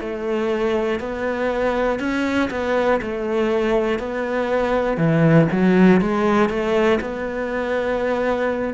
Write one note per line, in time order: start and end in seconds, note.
0.00 1.00 A3
1.00 1.99 B3
1.99 2.49 C#4
2.50 3.00 B3
3.01 3.99 A3
3.99 4.97 B3
4.97 5.47 E3
5.51 6.00 F#3
6.00 6.49 G#3
6.49 6.99 A3
7.00 8.73 B3